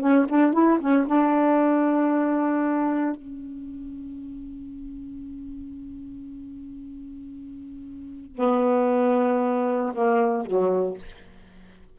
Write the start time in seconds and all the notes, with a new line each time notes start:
0.00 C#4
0.29 D4
0.53 E4
0.80 C#4
1.07 D4
3.16 C#4
8.36 B3
9.94 A#3
10.46 F#3